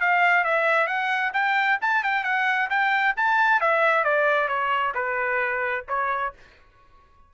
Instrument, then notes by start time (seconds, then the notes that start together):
trumpet
0.00 F5
0.44 E5
0.87 F#5
1.33 G5
1.81 A5
2.03 G5
2.24 F#5
2.70 G5
3.16 A5
3.60 E5
4.04 D5
4.48 C#5
4.94 B4
5.88 C#5